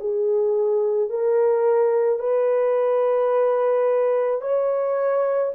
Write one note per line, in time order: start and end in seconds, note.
0.00 1.10 G#4
1.10 2.19 A#4
2.19 4.41 B4
4.41 5.53 C#5